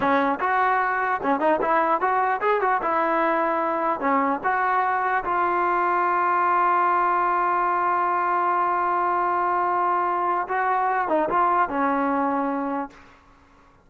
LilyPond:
\new Staff \with { instrumentName = "trombone" } { \time 4/4 \tempo 4 = 149 cis'4 fis'2 cis'8 dis'8 | e'4 fis'4 gis'8 fis'8 e'4~ | e'2 cis'4 fis'4~ | fis'4 f'2.~ |
f'1~ | f'1~ | f'2 fis'4. dis'8 | f'4 cis'2. | }